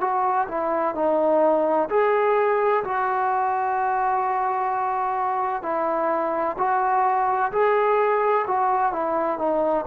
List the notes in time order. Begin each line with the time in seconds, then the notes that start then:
0.00 F#4
0.48 E4
0.95 D#4
1.89 G#4
2.84 F#4
5.62 E4
6.58 F#4
7.52 G#4
8.47 F#4
8.92 E4
9.38 D#4